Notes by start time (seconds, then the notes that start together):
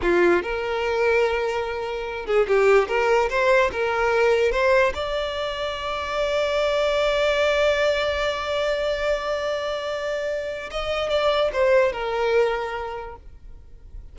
0.02 F4
0.42 A#4
2.26 G#4
2.47 G4
2.88 A#4
3.29 C5
3.72 A#4
4.51 C5
4.94 D5
10.70 D#5
11.09 D5
11.52 C5
11.92 A#4